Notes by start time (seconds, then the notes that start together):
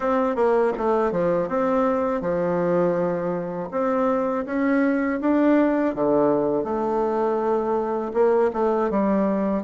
0.00 C4
0.35 A#3
0.77 A3
1.11 F3
1.48 C4
2.21 F3
3.71 C4
4.45 C#4
5.20 D4
5.94 D3
6.63 A3
8.13 A#3
8.53 A3
8.90 G3